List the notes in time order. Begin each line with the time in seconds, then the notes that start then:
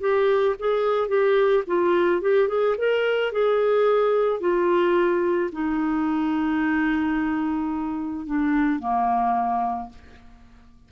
0.00 G4
0.59 G#4
1.08 G4
1.67 F4
2.21 G4
2.48 G#4
2.77 A#4
3.32 G#4
4.40 F4
5.52 D#4
8.26 D4
8.79 A#3